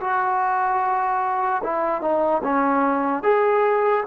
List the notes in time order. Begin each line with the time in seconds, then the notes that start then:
0.00 F#4
1.63 E4
2.02 D#4
2.43 C#4
3.23 G#4